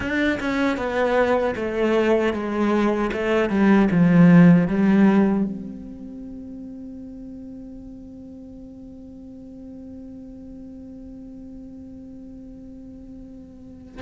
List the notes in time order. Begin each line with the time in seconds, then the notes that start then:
0.00 D4
0.39 C#4
0.77 B3
1.55 A3
2.33 G#3
3.12 A3
3.49 G3
3.91 F3
4.68 G3
5.44 C4